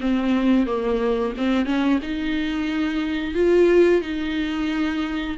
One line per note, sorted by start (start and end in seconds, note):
0.00 0.66 C4
0.66 1.33 A#3
1.37 1.65 C4
1.65 1.99 C#4
2.02 3.34 D#4
3.34 4.01 F4
4.01 5.36 D#4